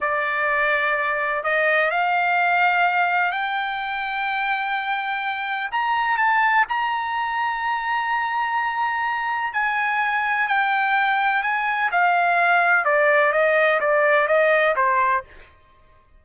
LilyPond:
\new Staff \with { instrumentName = "trumpet" } { \time 4/4 \tempo 4 = 126 d''2. dis''4 | f''2. g''4~ | g''1 | ais''4 a''4 ais''2~ |
ais''1 | gis''2 g''2 | gis''4 f''2 d''4 | dis''4 d''4 dis''4 c''4 | }